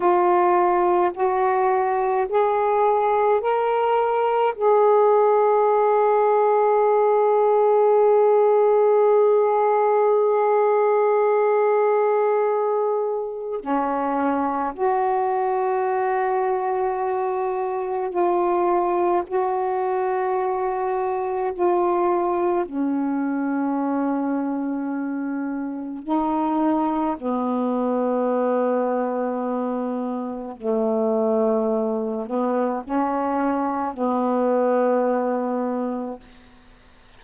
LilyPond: \new Staff \with { instrumentName = "saxophone" } { \time 4/4 \tempo 4 = 53 f'4 fis'4 gis'4 ais'4 | gis'1~ | gis'1 | cis'4 fis'2. |
f'4 fis'2 f'4 | cis'2. dis'4 | b2. a4~ | a8 b8 cis'4 b2 | }